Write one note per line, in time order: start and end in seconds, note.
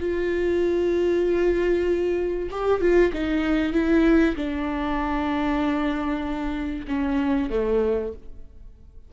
0.00 2.50 F4
2.51 2.81 G4
2.81 3.12 F4
3.13 3.73 D#4
3.73 4.36 E4
4.36 6.86 D4
6.88 7.50 C#4
7.51 8.13 A3